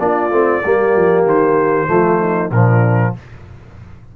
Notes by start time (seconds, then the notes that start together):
0.00 A#3 D4 F4 D5
0.31 A3 C4
0.63 G3 A#3 G4
0.96 F3
1.25 D#3 C5
1.87 F3 A3 F4
2.20 D#4
2.51 A#2 F3 D4 A#4